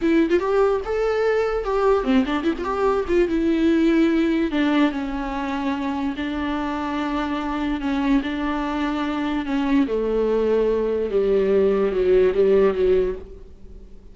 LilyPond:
\new Staff \with { instrumentName = "viola" } { \time 4/4 \tempo 4 = 146 e'8. f'16 g'4 a'2 | g'4 c'8 d'8 e'16 f'16 g'4 f'8 | e'2. d'4 | cis'2. d'4~ |
d'2. cis'4 | d'2. cis'4 | a2. g4~ | g4 fis4 g4 fis4 | }